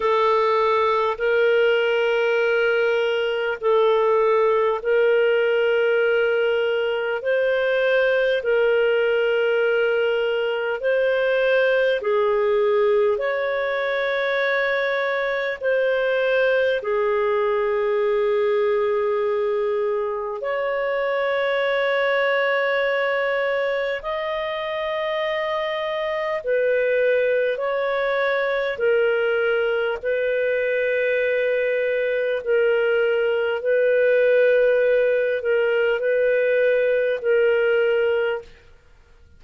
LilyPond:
\new Staff \with { instrumentName = "clarinet" } { \time 4/4 \tempo 4 = 50 a'4 ais'2 a'4 | ais'2 c''4 ais'4~ | ais'4 c''4 gis'4 cis''4~ | cis''4 c''4 gis'2~ |
gis'4 cis''2. | dis''2 b'4 cis''4 | ais'4 b'2 ais'4 | b'4. ais'8 b'4 ais'4 | }